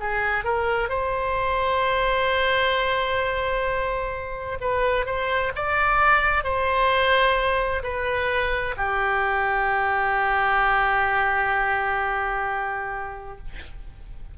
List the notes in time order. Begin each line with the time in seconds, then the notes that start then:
0.00 G#4
0.44 A#4
0.89 C5
4.60 B4
5.06 C5
5.56 D5
6.44 C5
7.83 B4
8.77 G4